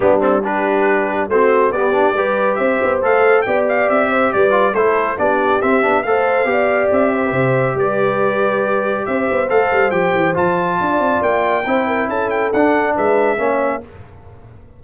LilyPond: <<
  \new Staff \with { instrumentName = "trumpet" } { \time 4/4 \tempo 4 = 139 g'8 a'8 b'2 c''4 | d''2 e''4 f''4 | g''8 f''8 e''4 d''4 c''4 | d''4 e''4 f''2 |
e''2 d''2~ | d''4 e''4 f''4 g''4 | a''2 g''2 | a''8 g''8 fis''4 e''2 | }
  \new Staff \with { instrumentName = "horn" } { \time 4/4 d'4 g'2 fis'4 | g'4 b'4 c''2 | d''4. c''8 b'4 a'4 | g'2 c''4 d''4~ |
d''8 c''16 b'16 c''4 b'2~ | b'4 c''2.~ | c''4 d''2 c''8 ais'8 | a'2 b'4 cis''4 | }
  \new Staff \with { instrumentName = "trombone" } { \time 4/4 b8 c'8 d'2 c'4 | b8 d'8 g'2 a'4 | g'2~ g'8 f'8 e'4 | d'4 c'8 d'8 a'4 g'4~ |
g'1~ | g'2 a'4 g'4 | f'2. e'4~ | e'4 d'2 cis'4 | }
  \new Staff \with { instrumentName = "tuba" } { \time 4/4 g2. a4 | b4 g4 c'8 b8 a4 | b4 c'4 g4 a4 | b4 c'8 b8 a4 b4 |
c'4 c4 g2~ | g4 c'8 b8 a8 g8 f8 e8 | f4 d'8 c'8 ais4 c'4 | cis'4 d'4 gis4 ais4 | }
>>